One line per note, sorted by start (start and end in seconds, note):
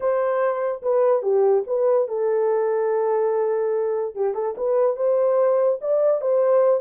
0.00 0.81 C5
0.82 1.22 B4
1.22 1.63 G4
1.66 2.08 B4
2.08 4.15 A4
4.15 4.34 G4
4.34 4.55 A4
4.57 4.96 B4
4.96 5.79 C5
5.81 6.21 D5
6.21 6.80 C5